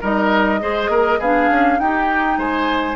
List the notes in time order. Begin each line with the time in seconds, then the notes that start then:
0.00 G3 D#4 A#4 D#5
0.59 G#3 G#4 C5
0.88 A#3 A#4
1.18 B3 D4 G#4 F5
1.50 C#4
1.78 D#4 G4 G5
2.37 G#3 C5 G#5